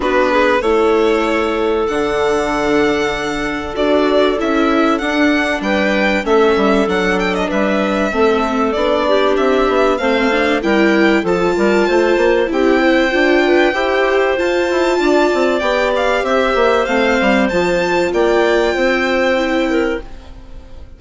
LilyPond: <<
  \new Staff \with { instrumentName = "violin" } { \time 4/4 \tempo 4 = 96 b'4 cis''2 fis''4~ | fis''2 d''4 e''4 | fis''4 g''4 e''4 fis''8 g''16 dis''16 | e''2 d''4 e''4 |
f''4 g''4 a''2 | g''2. a''4~ | a''4 g''8 f''8 e''4 f''4 | a''4 g''2. | }
  \new Staff \with { instrumentName = "clarinet" } { \time 4/4 fis'8 gis'8 a'2.~ | a'1~ | a'4 b'4 a'2 | b'4 a'4. g'4. |
c''4 ais'4 a'8 ais'8 c''4 | g'8 c''4 b'8 c''2 | d''2 c''2~ | c''4 d''4 c''4. ais'8 | }
  \new Staff \with { instrumentName = "viola" } { \time 4/4 d'4 e'2 d'4~ | d'2 fis'4 e'4 | d'2 cis'4 d'4~ | d'4 c'4 d'2 |
c'8 d'8 e'4 f'2 | e'4 f'4 g'4 f'4~ | f'4 g'2 c'4 | f'2. e'4 | }
  \new Staff \with { instrumentName = "bassoon" } { \time 4/4 b4 a2 d4~ | d2 d'4 cis'4 | d'4 g4 a8 g8 fis4 | g4 a4 b4 c'8 b8 |
a4 g4 f8 g8 a8 ais8 | c'4 d'4 e'4 f'8 e'8 | d'8 c'8 b4 c'8 ais8 a8 g8 | f4 ais4 c'2 | }
>>